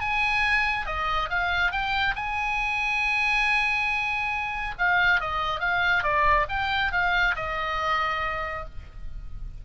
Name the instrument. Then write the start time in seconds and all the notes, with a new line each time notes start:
oboe
0.00 G#5
0.86 D#5
1.29 F5
1.71 G5
2.15 G#5
4.78 F5
5.20 D#5
5.60 F5
6.03 D5
6.49 G5
6.92 F5
7.36 D#5